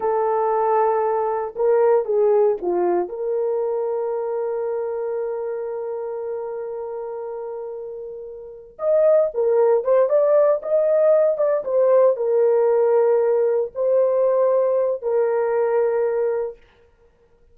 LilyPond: \new Staff \with { instrumentName = "horn" } { \time 4/4 \tempo 4 = 116 a'2. ais'4 | gis'4 f'4 ais'2~ | ais'1~ | ais'1~ |
ais'4 dis''4 ais'4 c''8 d''8~ | d''8 dis''4. d''8 c''4 ais'8~ | ais'2~ ais'8 c''4.~ | c''4 ais'2. | }